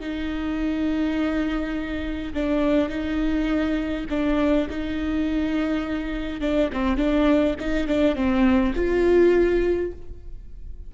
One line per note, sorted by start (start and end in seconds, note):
0.00 2.33 D#4
2.34 2.89 D4
2.89 4.05 D#4
4.10 4.68 D4
4.70 6.41 D#4
6.41 6.70 D4
6.72 6.97 C4
6.97 7.55 D4
7.60 7.87 D#4
7.87 8.15 D4
8.15 8.74 C4
8.75 9.92 F4